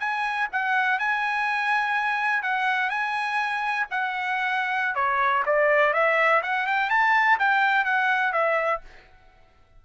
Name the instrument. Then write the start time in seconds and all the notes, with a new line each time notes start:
trumpet
0.00 G#5
0.52 F#5
0.99 G#5
2.43 F#5
2.90 G#5
3.91 F#5
4.95 C#5
5.46 D5
5.94 E5
6.43 F#5
6.67 G5
6.90 A5
7.39 G5
7.85 F#5
8.33 E5